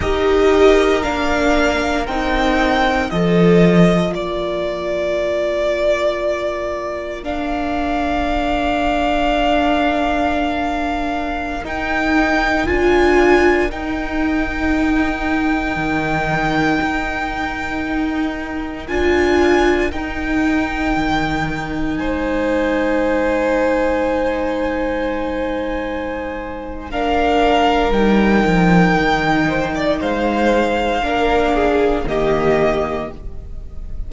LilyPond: <<
  \new Staff \with { instrumentName = "violin" } { \time 4/4 \tempo 4 = 58 dis''4 f''4 g''4 dis''4 | d''2. f''4~ | f''2.~ f''16 g''8.~ | g''16 gis''4 g''2~ g''8.~ |
g''2~ g''16 gis''4 g''8.~ | g''4~ g''16 gis''2~ gis''8.~ | gis''2 f''4 g''4~ | g''4 f''2 dis''4 | }
  \new Staff \with { instrumentName = "violin" } { \time 4/4 ais'2. a'4 | ais'1~ | ais'1~ | ais'1~ |
ais'1~ | ais'4~ ais'16 c''2~ c''8.~ | c''2 ais'2~ | ais'8 c''16 d''16 c''4 ais'8 gis'8 g'4 | }
  \new Staff \with { instrumentName = "viola" } { \time 4/4 g'4 d'4 dis'4 f'4~ | f'2. d'4~ | d'2.~ d'16 dis'8.~ | dis'16 f'4 dis'2~ dis'8.~ |
dis'2~ dis'16 f'4 dis'8.~ | dis'1~ | dis'2 d'4 dis'4~ | dis'2 d'4 ais4 | }
  \new Staff \with { instrumentName = "cello" } { \time 4/4 dis'4 ais4 c'4 f4 | ais1~ | ais2.~ ais16 dis'8.~ | dis'16 d'4 dis'2 dis8.~ |
dis16 dis'2 d'4 dis'8.~ | dis'16 dis4 gis2~ gis8.~ | gis2. g8 f8 | dis4 gis4 ais4 dis4 | }
>>